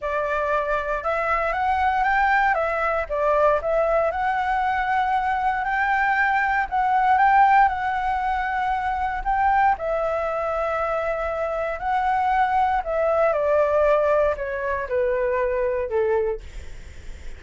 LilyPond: \new Staff \with { instrumentName = "flute" } { \time 4/4 \tempo 4 = 117 d''2 e''4 fis''4 | g''4 e''4 d''4 e''4 | fis''2. g''4~ | g''4 fis''4 g''4 fis''4~ |
fis''2 g''4 e''4~ | e''2. fis''4~ | fis''4 e''4 d''2 | cis''4 b'2 a'4 | }